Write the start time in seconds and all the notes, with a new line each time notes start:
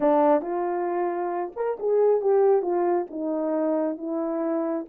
0.00 D4
0.41 F4
1.55 A#4
1.79 G#4
2.21 G4
2.62 F4
3.10 D#4
3.97 E4